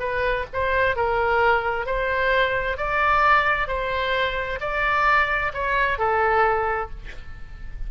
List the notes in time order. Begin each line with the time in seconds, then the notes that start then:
0.00 B4
0.54 C5
0.96 A#4
1.87 C5
2.78 D5
3.68 C5
4.61 D5
5.54 C#5
5.99 A4